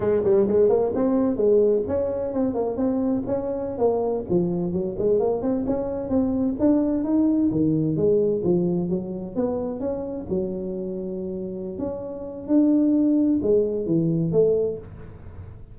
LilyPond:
\new Staff \with { instrumentName = "tuba" } { \time 4/4 \tempo 4 = 130 gis8 g8 gis8 ais8 c'4 gis4 | cis'4 c'8 ais8 c'4 cis'4~ | cis'16 ais4 f4 fis8 gis8 ais8 c'16~ | c'16 cis'4 c'4 d'4 dis'8.~ |
dis'16 dis4 gis4 f4 fis8.~ | fis16 b4 cis'4 fis4.~ fis16~ | fis4. cis'4. d'4~ | d'4 gis4 e4 a4 | }